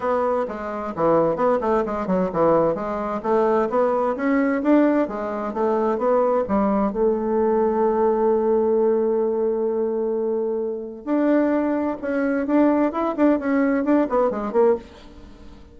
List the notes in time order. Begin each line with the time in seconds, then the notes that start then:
0.00 B3
0.47 G#3
0.95 E3
1.36 B3
1.60 A3
1.85 G#3
2.06 F#3
2.33 E3
2.74 G#3
3.22 A3
3.69 B3
4.16 C#4
4.62 D4
5.08 G#3
5.53 A3
5.98 B3
6.47 G3
6.92 A3
11.04 D4
12.01 C#4
12.46 D4
12.92 E4
13.16 D4
13.39 C#4
13.84 D4
14.09 B3
14.30 G#3
14.52 A#3